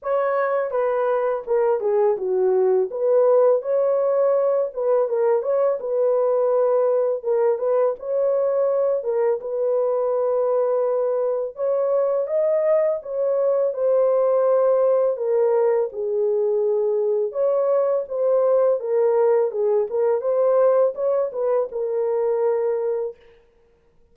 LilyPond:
\new Staff \with { instrumentName = "horn" } { \time 4/4 \tempo 4 = 83 cis''4 b'4 ais'8 gis'8 fis'4 | b'4 cis''4. b'8 ais'8 cis''8 | b'2 ais'8 b'8 cis''4~ | cis''8 ais'8 b'2. |
cis''4 dis''4 cis''4 c''4~ | c''4 ais'4 gis'2 | cis''4 c''4 ais'4 gis'8 ais'8 | c''4 cis''8 b'8 ais'2 | }